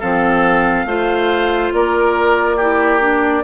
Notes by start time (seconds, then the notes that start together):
0.00 F3 C4 A4 F5
0.85 A3 F4 C5
1.73 A#3 A#4 D5
2.57 E4 G4
3.00 D4